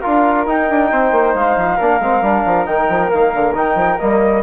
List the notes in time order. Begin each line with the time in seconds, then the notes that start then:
0.00 D4 F4 A#4 F5
0.46 D#4 G5
0.69 D4
0.91 C4 C5
1.11 A#3
1.34 G#3 F5
1.56 F3
1.76 A#3 D4 A#4
2.00 G#3 C4
2.21 G3 D4
2.45 F3
2.65 D#3 D#4 G5
2.88 F3
3.08 D#3 A#3 F5
3.34 D3
3.54 D#3 D#4 G5
3.74 F3
3.99 G3 A#3 D#5